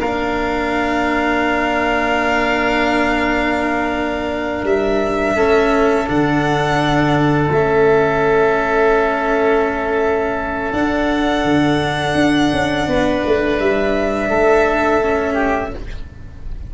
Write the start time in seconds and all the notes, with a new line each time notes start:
0.00 A#3 D4 A#4 F5
4.64 G3 E5
5.36 A3 C#4 A4
6.07 D3 D4 F#5
7.50 A3 C#4 E5
10.73 D4 F#5
11.45 D3
12.15 D4
12.53 C#4
12.87 B3 B4
13.26 A3
13.60 G3 E5
14.30 A3 A4
15.03 C#4
15.34 G4